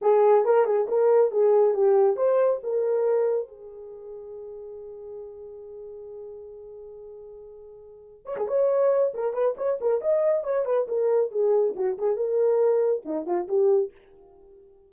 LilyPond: \new Staff \with { instrumentName = "horn" } { \time 4/4 \tempo 4 = 138 gis'4 ais'8 gis'8 ais'4 gis'4 | g'4 c''4 ais'2 | gis'1~ | gis'1~ |
gis'2. cis''16 gis'16 cis''8~ | cis''4 ais'8 b'8 cis''8 ais'8 dis''4 | cis''8 b'8 ais'4 gis'4 fis'8 gis'8 | ais'2 dis'8 f'8 g'4 | }